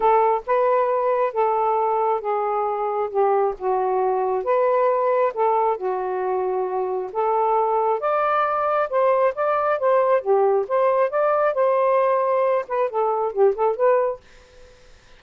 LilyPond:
\new Staff \with { instrumentName = "saxophone" } { \time 4/4 \tempo 4 = 135 a'4 b'2 a'4~ | a'4 gis'2 g'4 | fis'2 b'2 | a'4 fis'2. |
a'2 d''2 | c''4 d''4 c''4 g'4 | c''4 d''4 c''2~ | c''8 b'8 a'4 g'8 a'8 b'4 | }